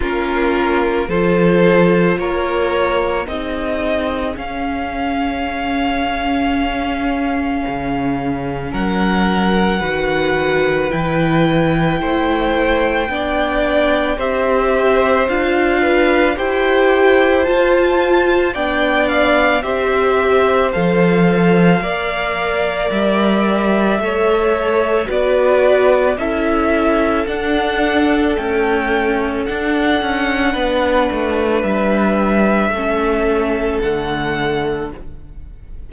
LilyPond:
<<
  \new Staff \with { instrumentName = "violin" } { \time 4/4 \tempo 4 = 55 ais'4 c''4 cis''4 dis''4 | f''1 | fis''2 g''2~ | g''4 e''4 f''4 g''4 |
a''4 g''8 f''8 e''4 f''4~ | f''4 e''2 d''4 | e''4 fis''4 g''4 fis''4~ | fis''4 e''2 fis''4 | }
  \new Staff \with { instrumentName = "violin" } { \time 4/4 f'4 a'4 ais'4 gis'4~ | gis'1 | ais'4 b'2 c''4 | d''4 c''4. b'8 c''4~ |
c''4 d''4 c''2 | d''2 cis''4 b'4 | a'1 | b'2 a'2 | }
  \new Staff \with { instrumentName = "viola" } { \time 4/4 cis'4 f'2 dis'4 | cis'1~ | cis'4 fis'4 e'2 | d'4 g'4 f'4 g'4 |
f'4 d'4 g'4 a'4 | ais'2 a'4 fis'4 | e'4 d'4 a4 d'4~ | d'2 cis'4 a4 | }
  \new Staff \with { instrumentName = "cello" } { \time 4/4 ais4 f4 ais4 c'4 | cis'2. cis4 | fis4 dis4 e4 a4 | b4 c'4 d'4 e'4 |
f'4 b4 c'4 f4 | ais4 g4 a4 b4 | cis'4 d'4 cis'4 d'8 cis'8 | b8 a8 g4 a4 d4 | }
>>